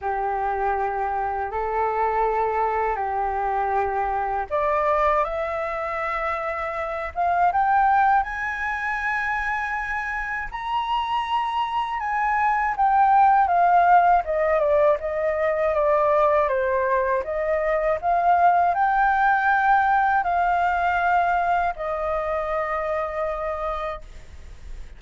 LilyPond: \new Staff \with { instrumentName = "flute" } { \time 4/4 \tempo 4 = 80 g'2 a'2 | g'2 d''4 e''4~ | e''4. f''8 g''4 gis''4~ | gis''2 ais''2 |
gis''4 g''4 f''4 dis''8 d''8 | dis''4 d''4 c''4 dis''4 | f''4 g''2 f''4~ | f''4 dis''2. | }